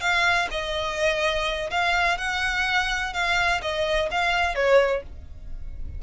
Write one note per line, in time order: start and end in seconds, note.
0.00 0.48 F5
0.51 1.70 D#5
1.70 2.18 F5
2.18 3.13 F#5
3.13 3.61 F5
3.61 4.09 D#5
4.11 4.55 F5
4.55 5.02 C#5